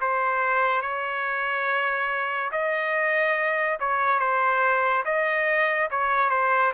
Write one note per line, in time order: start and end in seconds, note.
0.00 0.81 C5
0.81 2.50 C#5
2.51 3.78 D#5
3.79 4.19 C#5
4.19 5.03 C5
5.05 5.89 D#5
5.90 6.30 C#5
6.30 6.72 C5